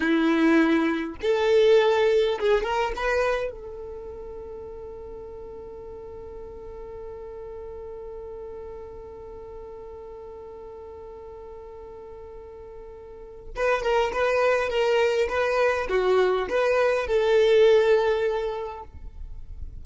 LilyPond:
\new Staff \with { instrumentName = "violin" } { \time 4/4 \tempo 4 = 102 e'2 a'2 | gis'8 ais'8 b'4 a'2~ | a'1~ | a'1~ |
a'1~ | a'2. b'8 ais'8 | b'4 ais'4 b'4 fis'4 | b'4 a'2. | }